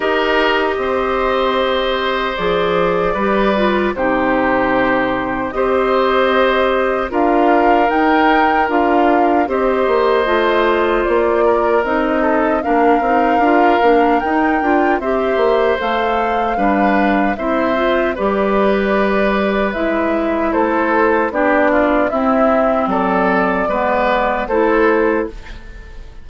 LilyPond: <<
  \new Staff \with { instrumentName = "flute" } { \time 4/4 \tempo 4 = 76 dis''2. d''4~ | d''4 c''2 dis''4~ | dis''4 f''4 g''4 f''4 | dis''2 d''4 dis''4 |
f''2 g''4 e''4 | f''2 e''4 d''4~ | d''4 e''4 c''4 d''4 | e''4 d''2 c''4 | }
  \new Staff \with { instrumentName = "oboe" } { \time 4/4 ais'4 c''2. | b'4 g'2 c''4~ | c''4 ais'2. | c''2~ c''8 ais'4 a'8 |
ais'2. c''4~ | c''4 b'4 c''4 b'4~ | b'2 a'4 g'8 f'8 | e'4 a'4 b'4 a'4 | }
  \new Staff \with { instrumentName = "clarinet" } { \time 4/4 g'2. gis'4 | g'8 f'8 dis'2 g'4~ | g'4 f'4 dis'4 f'4 | g'4 f'2 dis'4 |
d'8 dis'8 f'8 d'8 dis'8 f'8 g'4 | a'4 d'4 e'8 f'8 g'4~ | g'4 e'2 d'4 | c'2 b4 e'4 | }
  \new Staff \with { instrumentName = "bassoon" } { \time 4/4 dis'4 c'2 f4 | g4 c2 c'4~ | c'4 d'4 dis'4 d'4 | c'8 ais8 a4 ais4 c'4 |
ais8 c'8 d'8 ais8 dis'8 d'8 c'8 ais8 | a4 g4 c'4 g4~ | g4 gis4 a4 b4 | c'4 fis4 gis4 a4 | }
>>